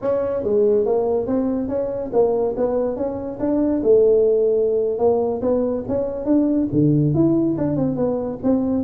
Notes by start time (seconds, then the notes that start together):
0.01 C#4
0.43 G#3
0.85 A#3
1.26 C4
1.68 C#4
2.12 A#3
2.56 B3
2.96 C#4
3.39 D4
3.83 A3
4.98 A#3
5.41 B3
5.87 C#4
6.25 D4
6.72 D3
7.14 E4
7.57 D4
7.76 C4
7.96 B3
8.43 C4